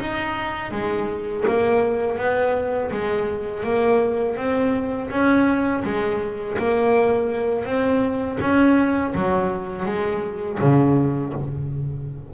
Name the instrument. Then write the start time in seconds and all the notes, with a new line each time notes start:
double bass
0.00 D#4
0.71 G#3
1.47 A#3
2.18 B3
2.91 G#3
3.63 A#3
4.36 C4
5.10 C#4
5.84 G#3
6.58 A#3
7.65 C4
8.41 C#4
9.14 F#3
9.85 G#3
10.60 C#3